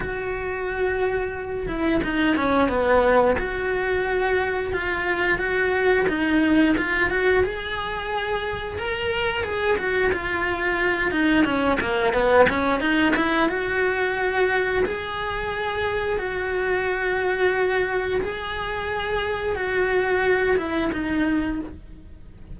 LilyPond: \new Staff \with { instrumentName = "cello" } { \time 4/4 \tempo 4 = 89 fis'2~ fis'8 e'8 dis'8 cis'8 | b4 fis'2 f'4 | fis'4 dis'4 f'8 fis'8 gis'4~ | gis'4 ais'4 gis'8 fis'8 f'4~ |
f'8 dis'8 cis'8 ais8 b8 cis'8 dis'8 e'8 | fis'2 gis'2 | fis'2. gis'4~ | gis'4 fis'4. e'8 dis'4 | }